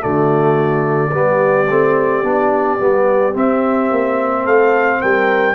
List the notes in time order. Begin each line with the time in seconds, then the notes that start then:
0.00 D3 A3 F#4 D5
1.12 G3 B3 G4
1.69 A3 C4
2.23 B3 D4
2.80 G3 B3
3.34 C4 E5
3.91 A#3
4.44 A3 A4 F5
5.01 G3 A#4 G5